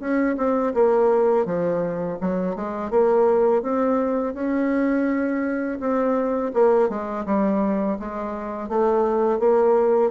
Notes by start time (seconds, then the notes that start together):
0.00 C#4
0.37 C4
0.74 A#3
1.46 F3
2.21 F#3
2.56 G#3
2.90 A#3
3.63 C4
4.34 C#4
5.80 C4
6.54 A#3
6.89 G#3
7.26 G3
7.99 G#3
8.69 A3
9.39 A#3